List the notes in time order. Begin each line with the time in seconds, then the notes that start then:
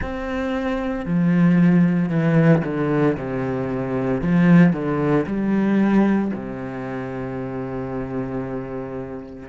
0.01 C4
1.05 F3
2.09 E3
2.64 D3
3.17 C3
4.21 F3
4.73 D3
5.26 G3
6.33 C3